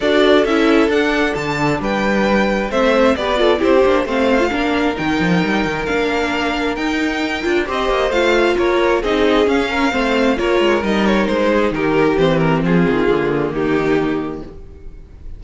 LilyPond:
<<
  \new Staff \with { instrumentName = "violin" } { \time 4/4 \tempo 4 = 133 d''4 e''4 fis''4 a''4 | g''2 e''4 d''4 | c''4 f''2 g''4~ | g''4 f''2 g''4~ |
g''4 dis''4 f''4 cis''4 | dis''4 f''2 cis''4 | dis''8 cis''8 c''4 ais'4 c''8 ais'8 | gis'2 g'2 | }
  \new Staff \with { instrumentName = "violin" } { \time 4/4 a'1 | b'2 c''4 b'8 a'8 | g'4 c''4 ais'2~ | ais'1~ |
ais'4 c''2 ais'4 | gis'4. ais'8 c''4 ais'4~ | ais'4. gis'8 g'2 | f'2 dis'2 | }
  \new Staff \with { instrumentName = "viola" } { \time 4/4 fis'4 e'4 d'2~ | d'2 c'4 g'8 f'8 | e'8 d'8 c'8. f'16 d'4 dis'4~ | dis'4 d'2 dis'4~ |
dis'8 f'8 g'4 f'2 | dis'4 cis'4 c'4 f'4 | dis'2. c'4~ | c'4 ais2. | }
  \new Staff \with { instrumentName = "cello" } { \time 4/4 d'4 cis'4 d'4 d4 | g2 a4 b4 | c'8 ais8 a4 ais4 dis8 f8 | g8 dis8 ais2 dis'4~ |
dis'8 d'8 c'8 ais8 a4 ais4 | c'4 cis'4 a4 ais8 gis8 | g4 gis4 dis4 e4 | f8 dis8 d4 dis2 | }
>>